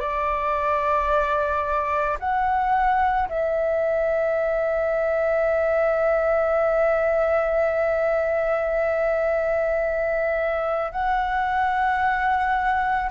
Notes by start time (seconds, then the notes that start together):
0.00 D5
2.20 F#5
3.30 E5
10.92 F#5